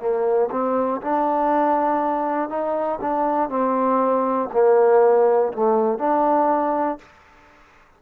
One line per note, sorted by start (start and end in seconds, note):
0.00 0.50 A#3
0.51 1.01 C4
1.01 2.50 D4
2.50 3.00 D#4
3.02 3.50 D4
3.50 4.50 C4
4.53 5.53 A#3
5.53 5.99 A3
5.99 6.99 D4